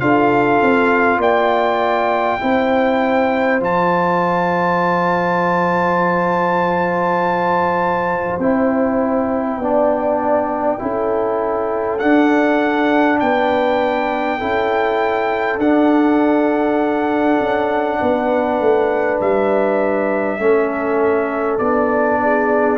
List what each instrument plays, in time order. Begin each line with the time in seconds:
0.00 tuba D4, trombone F4, horn A4, trumpet F5
0.61 tuba C4
1.18 tuba A#3, horn D5, trumpet G5
2.40 tuba C4, trombone E4, horn C5
3.60 tuba F3, trombone F4, trumpet A5
8.38 tuba C4, trombone E4, trumpet G5
9.58 tuba B3, trombone D4, horn D5
10.79 tuba C#4, trombone E4, horn A4
11.99 trombone D4, tuba D4, trumpet F#5
13.20 tuba B3, horn B4, trumpet G5
14.38 tuba C#4, trombone E4, horn A4
15.57 tuba D4, trombone D4, trumpet F#5
17.40 tuba C#4
18.00 tuba B3, horn B4
18.60 tuba A3
19.21 tuba G3, trumpet E5
20.39 tuba A3, trombone C#4, horn A4
21.59 tuba B3, trombone D4, trumpet D5
22.22 horn G#4